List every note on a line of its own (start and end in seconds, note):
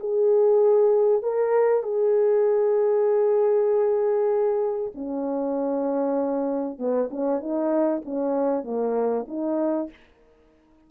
0.00 1.23 G#4
1.23 1.83 A#4
1.83 4.92 G#4
4.95 6.79 C#4
6.79 7.10 B3
7.11 7.40 C#4
7.40 8.02 D#4
8.05 8.64 C#4
8.64 9.26 A#3
9.28 9.90 D#4